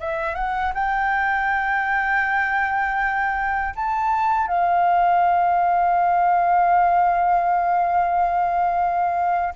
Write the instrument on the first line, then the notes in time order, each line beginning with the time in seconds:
flute
0.00 E5
0.35 F#5
0.74 G5
3.76 A5
4.48 F5